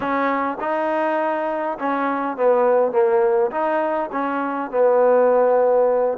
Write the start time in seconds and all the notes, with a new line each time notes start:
0.00 C#4
0.60 D#4
1.78 C#4
2.37 B3
2.91 A#3
3.51 D#4
4.12 C#4
4.71 B3